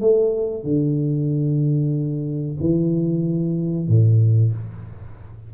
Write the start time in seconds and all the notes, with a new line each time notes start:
0.00 A3
0.63 D3
2.60 E3
3.88 A2